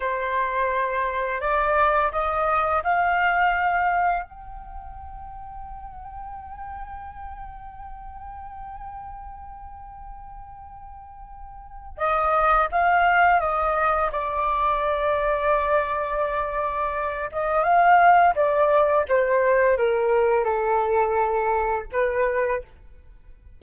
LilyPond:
\new Staff \with { instrumentName = "flute" } { \time 4/4 \tempo 4 = 85 c''2 d''4 dis''4 | f''2 g''2~ | g''1~ | g''1~ |
g''4 dis''4 f''4 dis''4 | d''1~ | d''8 dis''8 f''4 d''4 c''4 | ais'4 a'2 b'4 | }